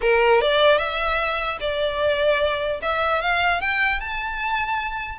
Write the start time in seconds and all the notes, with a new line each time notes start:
0.01 A#4
0.41 D5
0.78 E5
1.60 D5
2.82 E5
3.21 F5
3.61 G5
3.99 A5